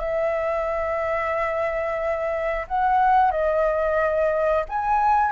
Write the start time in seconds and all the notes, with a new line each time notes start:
0.00 E5
2.68 F#5
3.32 D#5
4.69 G#5